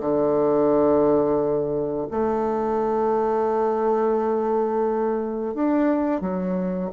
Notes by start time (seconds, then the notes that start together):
0.00 D3
2.11 A3
5.54 D4
6.21 F#3